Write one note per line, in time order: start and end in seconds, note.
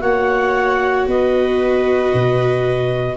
0.00 1.05 A#3
0.00 3.16 F#4
0.00 1.08 C#5
0.00 1.06 F#5
1.07 2.12 B3
1.07 3.17 B4
1.07 3.17 D#5
2.14 3.17 B2